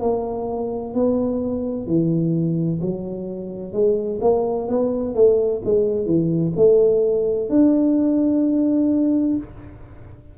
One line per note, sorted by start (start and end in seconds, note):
0.00 0.94 A#3
0.94 1.86 B3
1.86 2.80 E3
2.81 3.72 F#3
3.72 4.19 G#3
4.21 4.68 A#3
4.68 5.14 B3
5.14 5.61 A3
5.65 6.06 G#3
6.06 6.52 E3
6.56 7.49 A3
7.49 9.37 D4